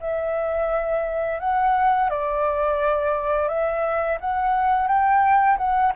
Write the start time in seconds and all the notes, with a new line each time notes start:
0.00 E5
1.40 F#5
2.09 D5
3.48 E5
4.20 F#5
4.87 G5
5.57 F#5